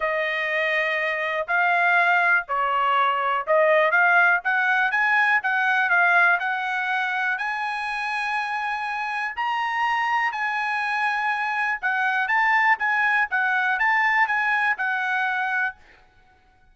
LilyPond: \new Staff \with { instrumentName = "trumpet" } { \time 4/4 \tempo 4 = 122 dis''2. f''4~ | f''4 cis''2 dis''4 | f''4 fis''4 gis''4 fis''4 | f''4 fis''2 gis''4~ |
gis''2. ais''4~ | ais''4 gis''2. | fis''4 a''4 gis''4 fis''4 | a''4 gis''4 fis''2 | }